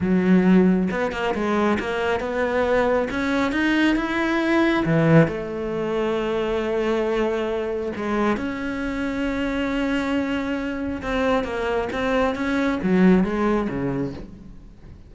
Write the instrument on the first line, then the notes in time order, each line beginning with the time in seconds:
cello
0.01 F#3
0.90 B3
1.11 A#3
1.34 G#3
1.79 A#3
2.20 B3
3.10 C#4
3.52 D#4
3.96 E4
4.85 E3
5.27 A3
7.96 G#3
8.36 C#4
11.02 C4
11.44 A#3
11.92 C4
12.35 C#4
12.82 F#3
13.24 G#3
13.69 C#3